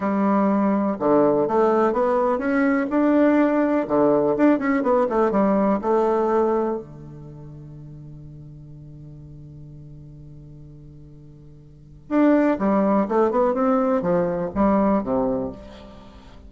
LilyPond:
\new Staff \with { instrumentName = "bassoon" } { \time 4/4 \tempo 4 = 124 g2 d4 a4 | b4 cis'4 d'2 | d4 d'8 cis'8 b8 a8 g4 | a2 d2~ |
d1~ | d1~ | d4 d'4 g4 a8 b8 | c'4 f4 g4 c4 | }